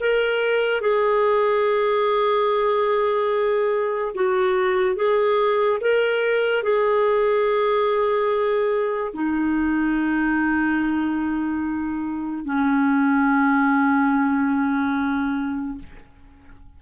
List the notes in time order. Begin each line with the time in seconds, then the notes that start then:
0.00 A#4
0.81 G#4
4.15 F#4
4.95 G#4
5.80 A#4
6.63 G#4
9.13 D#4
12.45 C#4